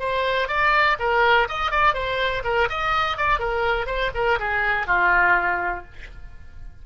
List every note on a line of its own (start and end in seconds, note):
0.00 0.48 C5
0.48 0.97 D5
1.00 1.48 A#4
1.49 1.72 D#5
1.72 1.94 D5
1.94 2.43 C5
2.45 2.69 A#4
2.70 3.18 D#5
3.18 3.40 D5
3.40 3.87 A#4
3.87 4.11 C5
4.15 4.39 A#4
4.39 4.87 G#4
4.87 5.85 F4